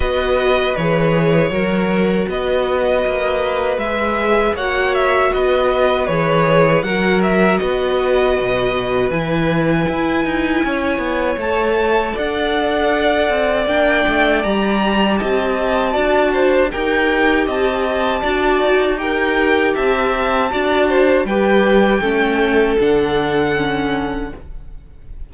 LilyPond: <<
  \new Staff \with { instrumentName = "violin" } { \time 4/4 \tempo 4 = 79 dis''4 cis''2 dis''4~ | dis''4 e''4 fis''8 e''8 dis''4 | cis''4 fis''8 e''8 dis''2 | gis''2. a''4 |
fis''2 g''4 ais''4 | a''2 g''4 a''4~ | a''4 g''4 a''2 | g''2 fis''2 | }
  \new Staff \with { instrumentName = "violin" } { \time 4/4 b'2 ais'4 b'4~ | b'2 cis''4 b'4~ | b'4 ais'4 b'2~ | b'2 cis''2 |
d''1 | dis''4 d''8 c''8 ais'4 dis''4 | d''4 ais'4 e''4 d''8 c''8 | b'4 a'2. | }
  \new Staff \with { instrumentName = "viola" } { \time 4/4 fis'4 gis'4 fis'2~ | fis'4 gis'4 fis'2 | gis'4 fis'2. | e'2. a'4~ |
a'2 d'4 g'4~ | g'4 fis'4 g'2 | fis'4 g'2 fis'4 | g'4 cis'4 d'4 cis'4 | }
  \new Staff \with { instrumentName = "cello" } { \time 4/4 b4 e4 fis4 b4 | ais4 gis4 ais4 b4 | e4 fis4 b4 b,4 | e4 e'8 dis'8 cis'8 b8 a4 |
d'4. c'8 ais8 a8 g4 | c'4 d'4 dis'4 c'4 | d'8 dis'4. c'4 d'4 | g4 a4 d2 | }
>>